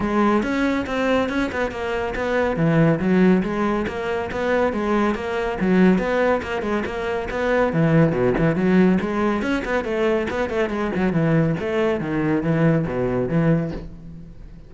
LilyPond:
\new Staff \with { instrumentName = "cello" } { \time 4/4 \tempo 4 = 140 gis4 cis'4 c'4 cis'8 b8 | ais4 b4 e4 fis4 | gis4 ais4 b4 gis4 | ais4 fis4 b4 ais8 gis8 |
ais4 b4 e4 b,8 e8 | fis4 gis4 cis'8 b8 a4 | b8 a8 gis8 fis8 e4 a4 | dis4 e4 b,4 e4 | }